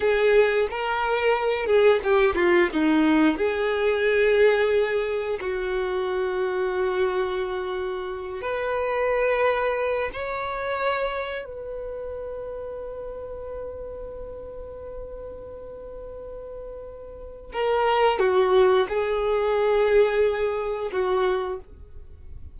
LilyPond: \new Staff \with { instrumentName = "violin" } { \time 4/4 \tempo 4 = 89 gis'4 ais'4. gis'8 g'8 f'8 | dis'4 gis'2. | fis'1~ | fis'8 b'2~ b'8 cis''4~ |
cis''4 b'2.~ | b'1~ | b'2 ais'4 fis'4 | gis'2. fis'4 | }